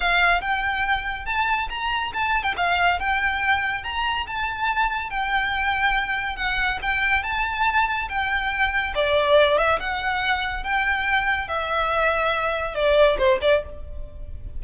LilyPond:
\new Staff \with { instrumentName = "violin" } { \time 4/4 \tempo 4 = 141 f''4 g''2 a''4 | ais''4 a''8. g''16 f''4 g''4~ | g''4 ais''4 a''2 | g''2. fis''4 |
g''4 a''2 g''4~ | g''4 d''4. e''8 fis''4~ | fis''4 g''2 e''4~ | e''2 d''4 c''8 d''8 | }